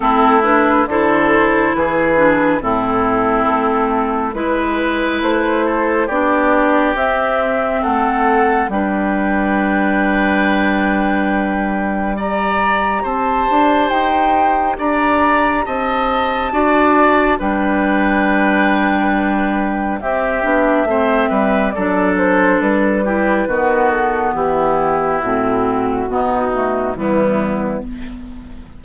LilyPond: <<
  \new Staff \with { instrumentName = "flute" } { \time 4/4 \tempo 4 = 69 a'8 b'8 c''4 b'4 a'4~ | a'4 b'4 c''4 d''4 | e''4 fis''4 g''2~ | g''2 ais''4 a''4 |
g''4 ais''4 a''2 | g''2. e''4~ | e''4 d''8 c''8 b'4. a'8 | g'4 fis'2 e'4 | }
  \new Staff \with { instrumentName = "oboe" } { \time 4/4 e'4 a'4 gis'4 e'4~ | e'4 b'4. a'8 g'4~ | g'4 a'4 b'2~ | b'2 d''4 c''4~ |
c''4 d''4 dis''4 d''4 | b'2. g'4 | c''8 b'8 a'4. g'8 fis'4 | e'2 dis'4 b4 | }
  \new Staff \with { instrumentName = "clarinet" } { \time 4/4 c'8 d'8 e'4. d'8 c'4~ | c'4 e'2 d'4 | c'2 d'2~ | d'2 g'2~ |
g'2. fis'4 | d'2. c'8 d'8 | c'4 d'4. e'8 b4~ | b4 c'4 b8 a8 g4 | }
  \new Staff \with { instrumentName = "bassoon" } { \time 4/4 a4 d4 e4 a,4 | a4 gis4 a4 b4 | c'4 a4 g2~ | g2. c'8 d'8 |
dis'4 d'4 c'4 d'4 | g2. c'8 b8 | a8 g8 fis4 g4 dis4 | e4 a,4 b,4 e4 | }
>>